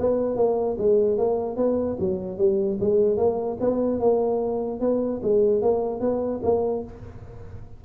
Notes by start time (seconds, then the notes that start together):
0.00 B3
0.37 A#3
0.79 G#3
1.18 A#3
1.57 B3
2.00 F#3
2.38 G3
2.80 G#3
3.18 A#3
3.60 B3
4.00 A#3
4.81 B3
5.23 G#3
5.62 A#3
6.01 B3
6.44 A#3